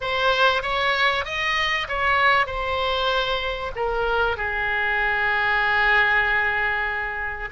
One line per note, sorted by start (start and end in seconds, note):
0.01 0.62 C5
0.62 1.24 C#5
1.24 1.87 D#5
1.88 2.46 C#5
2.46 3.71 C5
3.75 4.36 A#4
4.36 7.49 G#4